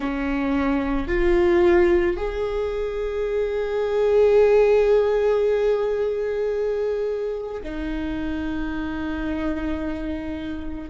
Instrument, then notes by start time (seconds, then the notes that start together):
viola
0.00 C#4
1.07 F4
2.16 G#4
7.62 D#4